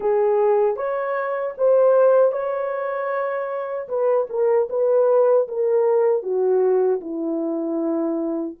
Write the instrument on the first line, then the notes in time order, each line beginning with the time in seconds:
horn
0.00 G#4
0.76 C#5
1.57 C5
2.32 C#5
3.88 B4
4.29 A#4
4.69 B4
5.48 A#4
6.22 F#4
7.00 E4